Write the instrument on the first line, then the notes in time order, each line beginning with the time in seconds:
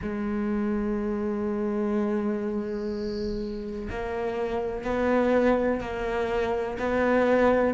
cello
0.02 G#3
3.89 A#3
4.83 B3
5.80 A#3
6.78 B3